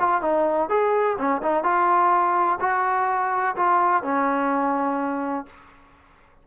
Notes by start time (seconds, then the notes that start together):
0.00 F4
0.22 D#4
0.70 G#4
1.18 C#4
1.43 D#4
1.64 F4
2.61 F#4
3.56 F4
4.03 C#4